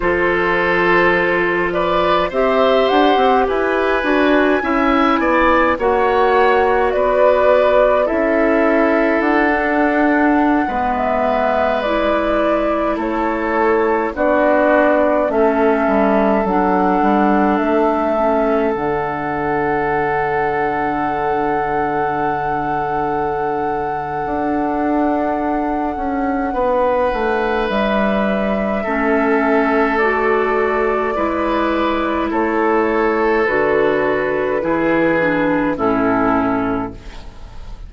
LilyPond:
<<
  \new Staff \with { instrumentName = "flute" } { \time 4/4 \tempo 4 = 52 c''4. d''8 e''8 fis''8 gis''4~ | gis''4 fis''4 d''4 e''4 | fis''4. e''8. d''4 cis''8.~ | cis''16 d''4 e''4 fis''4 e''8.~ |
e''16 fis''2.~ fis''8.~ | fis''1 | e''2 d''2 | cis''4 b'2 a'4 | }
  \new Staff \with { instrumentName = "oboe" } { \time 4/4 a'4. b'8 c''4 b'4 | e''8 d''8 cis''4 b'4 a'4~ | a'4~ a'16 b'2 a'8.~ | a'16 fis'4 a'2~ a'8.~ |
a'1~ | a'2. b'4~ | b'4 a'2 b'4 | a'2 gis'4 e'4 | }
  \new Staff \with { instrumentName = "clarinet" } { \time 4/4 f'2 g'4. fis'8 | e'4 fis'2 e'4~ | e'16 d'4 b4 e'4.~ e'16~ | e'16 d'4 cis'4 d'4. cis'16~ |
cis'16 d'2.~ d'8.~ | d'1~ | d'4 cis'4 fis'4 e'4~ | e'4 fis'4 e'8 d'8 cis'4 | }
  \new Staff \with { instrumentName = "bassoon" } { \time 4/4 f2 c'8 d'16 c'16 e'8 d'8 | cis'8 b8 ais4 b4 cis'4 | d'4~ d'16 gis2 a8.~ | a16 b4 a8 g8 fis8 g8 a8.~ |
a16 d2.~ d8.~ | d4 d'4. cis'8 b8 a8 | g4 a2 gis4 | a4 d4 e4 a,4 | }
>>